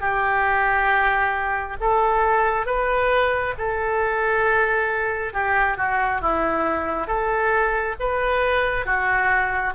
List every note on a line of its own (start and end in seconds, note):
0.00 1.76 G4
1.80 2.66 A4
2.66 3.54 B4
3.58 5.33 A4
5.33 5.77 G4
5.77 6.21 F#4
6.21 7.07 E4
7.07 7.95 A4
7.99 8.85 B4
8.85 9.73 F#4